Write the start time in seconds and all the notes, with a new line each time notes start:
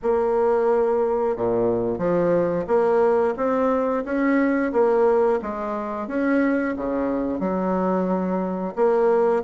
0.02 A#3
1.36 A#2
1.98 F3
2.67 A#3
3.36 C4
4.04 C#4
4.72 A#3
5.42 G#3
6.07 C#4
6.76 C#3
7.39 F#3
8.75 A#3